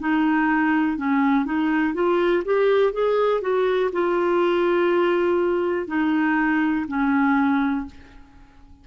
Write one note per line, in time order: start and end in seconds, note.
0.00 0.97 D#4
0.97 1.46 C#4
1.46 1.94 D#4
1.94 2.44 F4
2.45 2.93 G4
2.93 3.42 G#4
3.42 3.91 F#4
3.93 5.88 F4
5.88 6.86 D#4
6.88 7.86 C#4